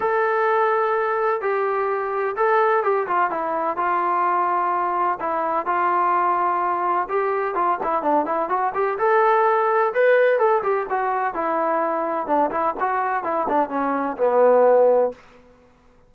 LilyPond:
\new Staff \with { instrumentName = "trombone" } { \time 4/4 \tempo 4 = 127 a'2. g'4~ | g'4 a'4 g'8 f'8 e'4 | f'2. e'4 | f'2. g'4 |
f'8 e'8 d'8 e'8 fis'8 g'8 a'4~ | a'4 b'4 a'8 g'8 fis'4 | e'2 d'8 e'8 fis'4 | e'8 d'8 cis'4 b2 | }